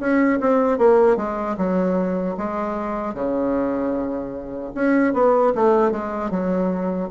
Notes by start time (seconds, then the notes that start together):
0.00 C#4
0.40 C4
0.78 A#3
1.17 G#3
1.58 F#3
2.38 G#3
3.15 C#3
4.75 C#4
5.14 B3
5.55 A3
5.92 G#3
6.31 F#3